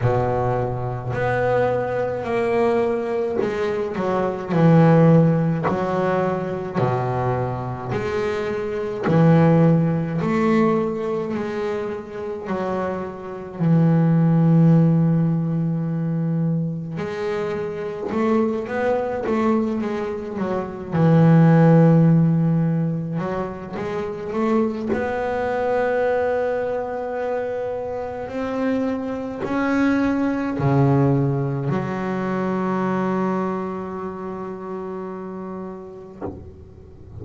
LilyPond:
\new Staff \with { instrumentName = "double bass" } { \time 4/4 \tempo 4 = 53 b,4 b4 ais4 gis8 fis8 | e4 fis4 b,4 gis4 | e4 a4 gis4 fis4 | e2. gis4 |
a8 b8 a8 gis8 fis8 e4.~ | e8 fis8 gis8 a8 b2~ | b4 c'4 cis'4 cis4 | fis1 | }